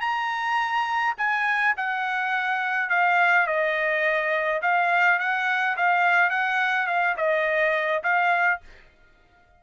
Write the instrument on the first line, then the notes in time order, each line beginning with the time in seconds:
trumpet
0.00 A#5
1.18 G#5
1.77 F#5
2.89 F5
3.46 D#5
4.62 F5
5.19 F#5
5.77 F5
6.30 F#5
6.86 F5
7.17 D#5
8.03 F5